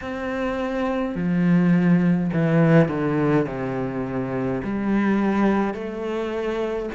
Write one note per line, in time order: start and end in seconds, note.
0.01 1.15 C4
1.15 2.30 F3
2.32 2.88 E3
2.88 3.46 D3
3.46 4.61 C3
4.63 5.74 G3
5.74 6.89 A3